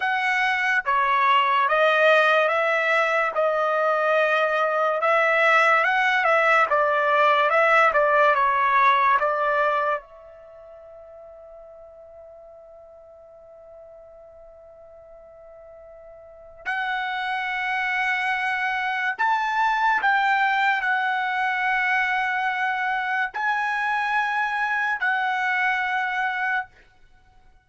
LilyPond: \new Staff \with { instrumentName = "trumpet" } { \time 4/4 \tempo 4 = 72 fis''4 cis''4 dis''4 e''4 | dis''2 e''4 fis''8 e''8 | d''4 e''8 d''8 cis''4 d''4 | e''1~ |
e''1 | fis''2. a''4 | g''4 fis''2. | gis''2 fis''2 | }